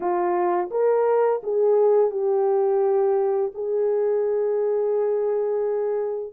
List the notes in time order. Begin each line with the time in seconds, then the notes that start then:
0.00 F4
0.71 A#4
1.43 G#4
2.10 G4
3.54 G#4